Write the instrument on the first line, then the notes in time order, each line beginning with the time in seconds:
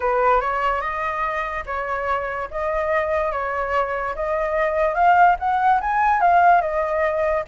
flute
0.00 B4
0.40 C#5
0.81 D#5
1.66 C#5
2.50 D#5
3.31 C#5
4.15 D#5
4.94 F5
5.39 F#5
5.80 G#5
6.21 F5
6.61 D#5